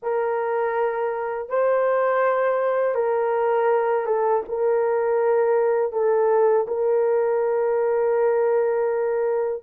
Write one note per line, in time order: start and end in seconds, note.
0.02 1.49 A#4
1.49 2.95 C5
2.95 4.06 A#4
4.06 4.42 A4
4.48 5.92 A#4
5.92 6.66 A4
6.67 9.63 A#4